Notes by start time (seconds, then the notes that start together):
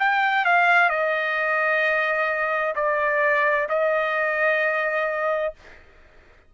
0.00 G5
0.45 F5
0.90 D#5
2.76 D5
3.70 D#5